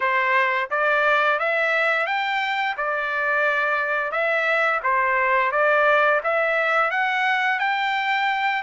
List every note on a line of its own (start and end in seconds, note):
0.00 0.69 C5
0.70 1.39 D5
1.39 2.06 E5
2.06 2.75 G5
2.77 4.11 D5
4.11 4.80 E5
4.83 5.51 C5
5.51 6.20 D5
6.23 6.91 E5
6.91 7.59 F#5
7.59 8.62 G5